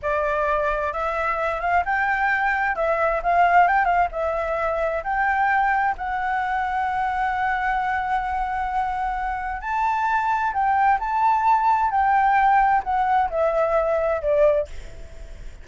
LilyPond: \new Staff \with { instrumentName = "flute" } { \time 4/4 \tempo 4 = 131 d''2 e''4. f''8 | g''2 e''4 f''4 | g''8 f''8 e''2 g''4~ | g''4 fis''2.~ |
fis''1~ | fis''4 a''2 g''4 | a''2 g''2 | fis''4 e''2 d''4 | }